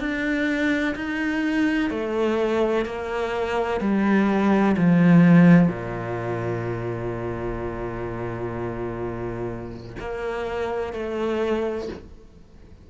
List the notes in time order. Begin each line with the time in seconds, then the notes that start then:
0.00 D4
0.96 D#4
1.90 A3
2.85 A#3
3.81 G3
4.77 F3
5.68 A#2
10.00 A#3
10.94 A3